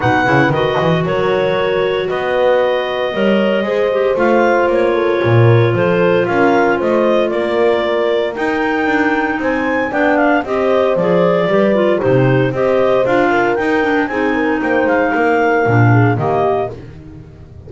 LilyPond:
<<
  \new Staff \with { instrumentName = "clarinet" } { \time 4/4 \tempo 4 = 115 fis''4 dis''4 cis''2 | dis''1 | f''4 cis''2 c''4 | f''4 dis''4 d''2 |
g''2 gis''4 g''8 f''8 | dis''4 d''2 c''4 | dis''4 f''4 g''4 gis''4 | g''8 f''2~ f''8 dis''4 | }
  \new Staff \with { instrumentName = "horn" } { \time 4/4 b'2 ais'2 | b'2 cis''4 c''4~ | c''4. a'8 ais'4 a'4 | ais'4 c''4 ais'2~ |
ais'2 c''4 d''4 | c''2 b'4 g'4 | c''4. ais'4. gis'8 ais'8 | c''4 ais'4. gis'8 g'4 | }
  \new Staff \with { instrumentName = "clarinet" } { \time 4/4 dis'8 e'8 fis'2.~ | fis'2 ais'4 gis'8 g'8 | f'1~ | f'1 |
dis'2. d'4 | g'4 gis'4 g'8 f'8 dis'4 | g'4 f'4 dis'8 d'8 dis'4~ | dis'2 d'4 ais4 | }
  \new Staff \with { instrumentName = "double bass" } { \time 4/4 b,8 cis8 dis8 e8 fis2 | b2 g4 gis4 | a4 ais4 ais,4 f4 | cis'4 a4 ais2 |
dis'4 d'4 c'4 b4 | c'4 f4 g4 c4 | c'4 d'4 dis'4 c'4 | ais8 gis8 ais4 ais,4 dis4 | }
>>